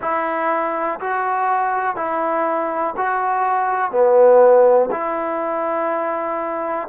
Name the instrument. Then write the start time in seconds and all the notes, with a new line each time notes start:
trombone
0.01 E4
1.00 F#4
1.96 E4
2.96 F#4
3.91 B3
4.91 E4